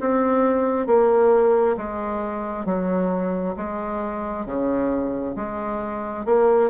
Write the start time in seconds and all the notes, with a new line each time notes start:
0.00 C4
0.86 A#3
1.77 G#3
2.65 F#3
3.56 G#3
4.46 C#3
5.35 G#3
6.25 A#3